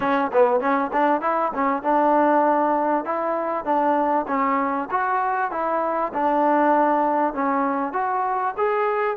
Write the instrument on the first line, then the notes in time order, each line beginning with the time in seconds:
trombone
0.00 C#4
0.33 B3
0.60 C#4
0.92 D4
1.21 E4
1.54 C#4
1.82 D4
3.04 E4
3.64 D4
4.27 C#4
4.91 F#4
5.51 E4
6.13 D4
7.33 C#4
7.93 F#4
8.57 G#4